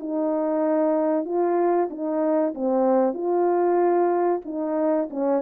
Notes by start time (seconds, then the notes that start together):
0.00 D#4
1.25 F4
1.90 D#4
2.55 C4
3.14 F4
4.45 D#4
5.10 C#4